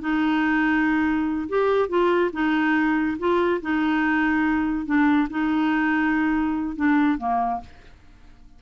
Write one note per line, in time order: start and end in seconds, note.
0.00 1.48 D#4
1.48 1.88 G4
1.88 2.31 F4
2.33 3.17 D#4
3.18 3.60 F4
3.61 4.86 D#4
4.86 5.28 D4
5.30 6.76 D#4
6.76 7.18 D4
7.18 7.60 A#3